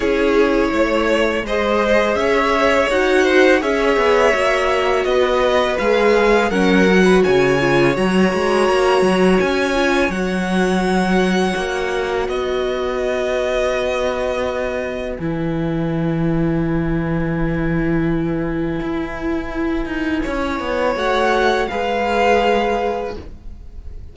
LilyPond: <<
  \new Staff \with { instrumentName = "violin" } { \time 4/4 \tempo 4 = 83 cis''2 dis''4 e''4 | fis''4 e''2 dis''4 | f''4 fis''4 gis''4 ais''4~ | ais''4 gis''4 fis''2~ |
fis''4 dis''2.~ | dis''4 gis''2.~ | gis''1~ | gis''4 fis''4 f''2 | }
  \new Staff \with { instrumentName = "violin" } { \time 4/4 gis'4 cis''4 c''4 cis''4~ | cis''8 c''8 cis''2 b'4~ | b'4 ais'8. b'16 cis''2~ | cis''1~ |
cis''4 b'2.~ | b'1~ | b'1 | cis''2 b'2 | }
  \new Staff \with { instrumentName = "viola" } { \time 4/4 e'2 gis'2 | fis'4 gis'4 fis'2 | gis'4 cis'8 fis'4 f'8 fis'4~ | fis'4. f'8 fis'2~ |
fis'1~ | fis'4 e'2.~ | e'1~ | e'4 fis'4 gis'2 | }
  \new Staff \with { instrumentName = "cello" } { \time 4/4 cis'4 a4 gis4 cis'4 | dis'4 cis'8 b8 ais4 b4 | gis4 fis4 cis4 fis8 gis8 | ais8 fis8 cis'4 fis2 |
ais4 b2.~ | b4 e2.~ | e2 e'4. dis'8 | cis'8 b8 a4 gis2 | }
>>